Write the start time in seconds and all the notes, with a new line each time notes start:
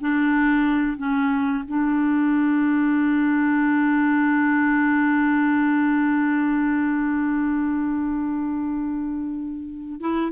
0.00 D4
0.97 C#4
1.68 D4
10.00 E4